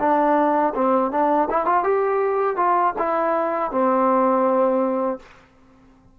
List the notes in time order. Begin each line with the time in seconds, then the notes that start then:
0.00 D4
0.75 C4
1.12 D4
1.51 E4
1.66 F4
1.84 G4
2.57 F4
2.99 E4
3.71 C4